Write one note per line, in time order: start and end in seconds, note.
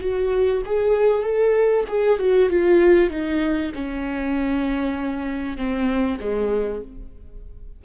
0.00 0.62 F#4
0.65 1.22 G#4
1.22 1.84 A4
1.88 2.18 G#4
2.18 2.49 F#4
2.49 3.10 F4
3.10 3.72 D#4
3.74 5.57 C#4
5.57 6.19 C4
6.20 6.82 G#3